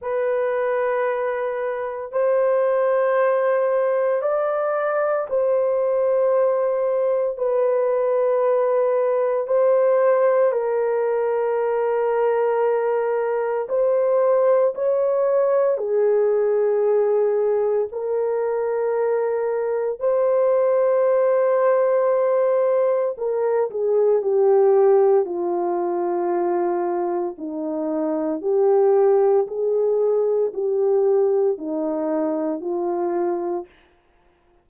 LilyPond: \new Staff \with { instrumentName = "horn" } { \time 4/4 \tempo 4 = 57 b'2 c''2 | d''4 c''2 b'4~ | b'4 c''4 ais'2~ | ais'4 c''4 cis''4 gis'4~ |
gis'4 ais'2 c''4~ | c''2 ais'8 gis'8 g'4 | f'2 dis'4 g'4 | gis'4 g'4 dis'4 f'4 | }